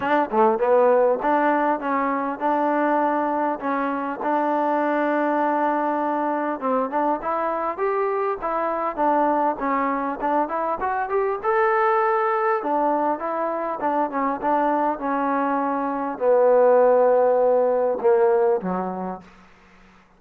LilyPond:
\new Staff \with { instrumentName = "trombone" } { \time 4/4 \tempo 4 = 100 d'8 a8 b4 d'4 cis'4 | d'2 cis'4 d'4~ | d'2. c'8 d'8 | e'4 g'4 e'4 d'4 |
cis'4 d'8 e'8 fis'8 g'8 a'4~ | a'4 d'4 e'4 d'8 cis'8 | d'4 cis'2 b4~ | b2 ais4 fis4 | }